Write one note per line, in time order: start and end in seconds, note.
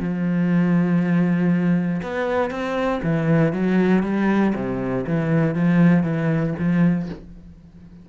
0.00 2.02 F3
2.03 2.51 B3
2.51 3.01 C4
3.03 3.53 E3
3.53 4.03 F#3
4.03 4.54 G3
4.56 5.06 C3
5.07 5.56 E3
5.56 6.04 F3
6.04 6.54 E3
6.59 7.10 F3